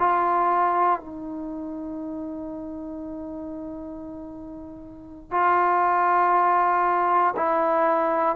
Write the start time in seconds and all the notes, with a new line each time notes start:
0.00 F4
1.00 D#4
5.32 F4
7.37 E4